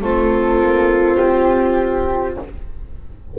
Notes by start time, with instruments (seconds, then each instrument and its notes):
0.00 double bass A3, trombone C4, viola F4, flute A4
0.59 double bass A#3
1.17 double bass C4, flute G4